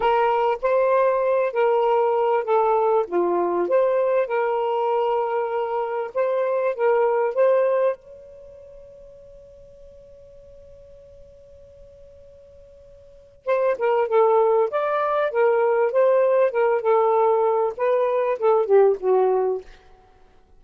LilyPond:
\new Staff \with { instrumentName = "saxophone" } { \time 4/4 \tempo 4 = 98 ais'4 c''4. ais'4. | a'4 f'4 c''4 ais'4~ | ais'2 c''4 ais'4 | c''4 cis''2.~ |
cis''1~ | cis''2 c''8 ais'8 a'4 | d''4 ais'4 c''4 ais'8 a'8~ | a'4 b'4 a'8 g'8 fis'4 | }